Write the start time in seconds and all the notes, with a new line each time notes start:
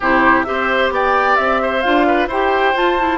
0.00 C3 E4 G4 C5
0.43 C4 G4 C5 E5
0.90 B3 D5 G5
1.36 C4 E5
1.61 C5
1.81 D4 F4 F5
2.07 B4
2.27 E4 G4 C5 G5
2.74 F4 A5
2.98 E4